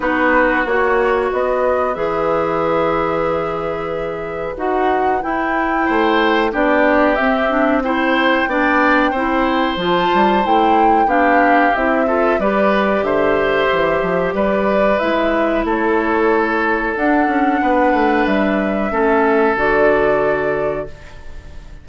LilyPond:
<<
  \new Staff \with { instrumentName = "flute" } { \time 4/4 \tempo 4 = 92 b'4 cis''4 dis''4 e''4~ | e''2. fis''4 | g''2 d''4 e''4 | g''2. a''4 |
g''4 f''4 e''4 d''4 | e''2 d''4 e''4 | cis''2 fis''2 | e''2 d''2 | }
  \new Staff \with { instrumentName = "oboe" } { \time 4/4 fis'2 b'2~ | b'1~ | b'4 c''4 g'2 | c''4 d''4 c''2~ |
c''4 g'4. a'8 b'4 | c''2 b'2 | a'2. b'4~ | b'4 a'2. | }
  \new Staff \with { instrumentName = "clarinet" } { \time 4/4 dis'4 fis'2 gis'4~ | gis'2. fis'4 | e'2 d'4 c'8 d'8 | e'4 d'4 e'4 f'4 |
e'4 d'4 e'8 f'8 g'4~ | g'2. e'4~ | e'2 d'2~ | d'4 cis'4 fis'2 | }
  \new Staff \with { instrumentName = "bassoon" } { \time 4/4 b4 ais4 b4 e4~ | e2. dis'4 | e'4 a4 b4 c'4~ | c'4 b4 c'4 f8 g8 |
a4 b4 c'4 g4 | d4 e8 f8 g4 gis4 | a2 d'8 cis'8 b8 a8 | g4 a4 d2 | }
>>